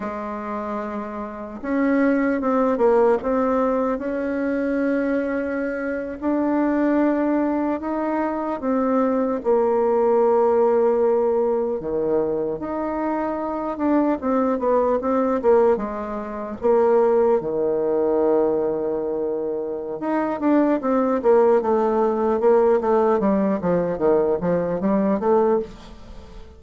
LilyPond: \new Staff \with { instrumentName = "bassoon" } { \time 4/4 \tempo 4 = 75 gis2 cis'4 c'8 ais8 | c'4 cis'2~ cis'8. d'16~ | d'4.~ d'16 dis'4 c'4 ais16~ | ais2~ ais8. dis4 dis'16~ |
dis'4~ dis'16 d'8 c'8 b8 c'8 ais8 gis16~ | gis8. ais4 dis2~ dis16~ | dis4 dis'8 d'8 c'8 ais8 a4 | ais8 a8 g8 f8 dis8 f8 g8 a8 | }